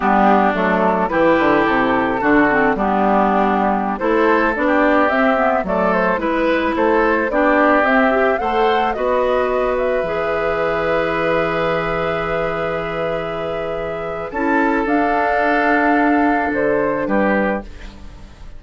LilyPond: <<
  \new Staff \with { instrumentName = "flute" } { \time 4/4 \tempo 4 = 109 g'4 a'4 b'4 a'4~ | a'4 g'2~ g'16 c''8.~ | c''16 d''4 e''4 d''8 c''8 b'8.~ | b'16 c''4 d''4 e''4 fis''8.~ |
fis''16 dis''4. e''2~ e''16~ | e''1~ | e''2 a''4 f''4~ | f''2 c''4 b'4 | }
  \new Staff \with { instrumentName = "oboe" } { \time 4/4 d'2 g'2 | fis'4 d'2~ d'16 a'8.~ | a'8 g'4.~ g'16 a'4 b'8.~ | b'16 a'4 g'2 c''8.~ |
c''16 b'2.~ b'8.~ | b'1~ | b'2 a'2~ | a'2. g'4 | }
  \new Staff \with { instrumentName = "clarinet" } { \time 4/4 b4 a4 e'2 | d'8 c'8 b2~ b16 e'8.~ | e'16 d'4 c'8 b8 a4 e'8.~ | e'4~ e'16 d'4 c'8 g'8 a'8.~ |
a'16 fis'2 gis'4.~ gis'16~ | gis'1~ | gis'2 e'4 d'4~ | d'1 | }
  \new Staff \with { instrumentName = "bassoon" } { \time 4/4 g4 fis4 e8 d8 c4 | d4 g2~ g16 a8.~ | a16 b4 c'4 fis4 gis8.~ | gis16 a4 b4 c'4 a8.~ |
a16 b2 e4.~ e16~ | e1~ | e2 cis'4 d'4~ | d'2 d4 g4 | }
>>